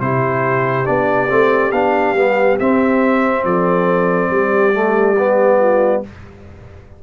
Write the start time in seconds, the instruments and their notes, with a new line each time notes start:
0.00 tuba C3, trombone E4, horn G4, trumpet C5
0.85 tuba B3, trombone D4, trumpet D5
1.29 tuba A3, trombone C4
1.71 tuba B3, trombone D4, trumpet F5
2.14 tuba G3, trombone B3
2.59 trombone C4, tuba C4, trumpet E5
3.44 tuba F3, horn A4, trumpet D5
4.30 tuba G3, horn G4
4.73 trombone A3
5.17 trombone B3
5.59 horn F4